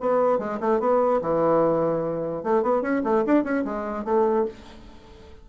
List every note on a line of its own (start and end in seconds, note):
0.00 0.38 B3
0.38 0.59 G#3
0.60 0.80 A3
0.80 1.21 B3
1.21 2.43 E3
2.43 2.62 A3
2.62 2.82 B3
2.82 3.02 C#4
3.04 3.24 A3
3.26 3.43 D4
3.43 3.64 C#4
3.65 4.04 G#3
4.04 4.45 A3